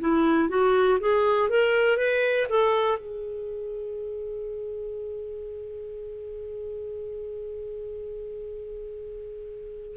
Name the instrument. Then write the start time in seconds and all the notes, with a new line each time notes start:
clarinet
0.00 E4
0.49 F#4
1.00 G#4
1.49 A#4
1.98 B4
2.50 A4
2.99 G#4